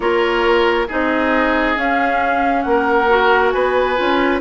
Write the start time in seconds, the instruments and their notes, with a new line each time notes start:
0.00 bassoon A#3, clarinet F4, oboe A#4, flute C#5
0.87 bassoon C4, clarinet D#4, oboe G#4, flute D#5
1.75 clarinet C#4, bassoon C#4, flute F5
2.62 bassoon A#3, flute F#5
2.69 oboe A#4
3.08 clarinet F#4
3.51 bassoon B3, oboe B4, flute G#5
3.96 bassoon C#4, clarinet F4